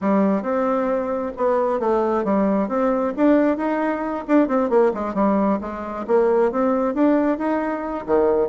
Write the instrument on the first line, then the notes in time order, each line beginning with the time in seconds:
bassoon
0.01 G3
0.42 C4
1.37 B3
1.79 A3
2.24 G3
2.68 C4
3.16 D4
3.57 D#4
4.27 D4
4.48 C4
4.69 A#3
4.94 G#3
5.14 G3
5.60 G#3
6.07 A#3
6.51 C4
6.94 D4
7.38 D#4
8.06 D#3